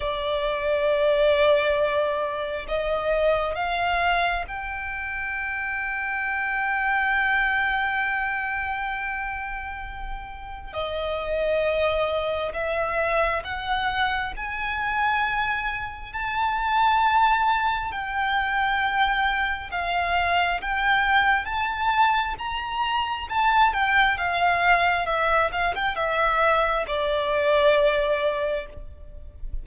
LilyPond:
\new Staff \with { instrumentName = "violin" } { \time 4/4 \tempo 4 = 67 d''2. dis''4 | f''4 g''2.~ | g''1 | dis''2 e''4 fis''4 |
gis''2 a''2 | g''2 f''4 g''4 | a''4 ais''4 a''8 g''8 f''4 | e''8 f''16 g''16 e''4 d''2 | }